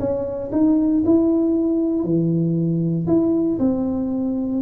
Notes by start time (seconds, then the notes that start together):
0.00 C#4
0.52 D#4
1.06 E4
2.04 E3
3.07 E4
3.59 C4